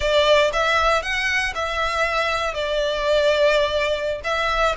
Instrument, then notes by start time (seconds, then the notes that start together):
violin
0.00 D5
0.52 E5
1.02 F#5
1.54 E5
2.54 D5
4.24 E5